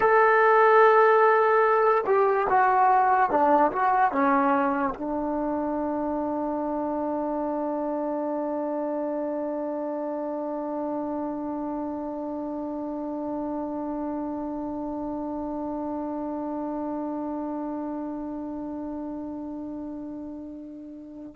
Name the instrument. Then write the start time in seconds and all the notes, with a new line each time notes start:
trombone
0.00 A4
2.06 G4
2.49 F#4
3.30 D4
3.71 F#4
4.11 C#4
4.95 D4